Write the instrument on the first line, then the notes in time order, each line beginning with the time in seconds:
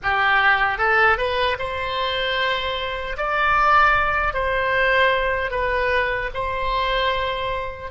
oboe
0.03 G4
0.78 A4
1.17 B4
1.59 C5
3.17 D5
4.33 C5
5.50 B4
6.34 C5